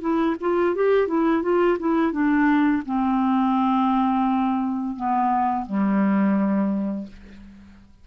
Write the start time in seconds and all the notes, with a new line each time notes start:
0.00 E4
0.40 F4
0.75 G4
1.07 E4
1.42 F4
1.79 E4
2.12 D4
2.85 C4
4.95 B3
5.66 G3